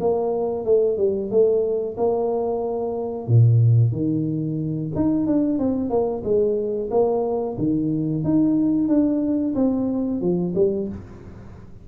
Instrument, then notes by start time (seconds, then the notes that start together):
tuba
0.00 A#3
0.65 A3
0.97 G3
1.30 A3
1.97 A#3
3.27 A#2
3.92 D#3
4.95 D#4
5.26 D4
5.58 C4
5.89 A#3
6.24 G#3
6.91 A#3
7.58 D#3
8.24 D#4
8.88 D4
9.55 C4
10.21 F3
10.55 G3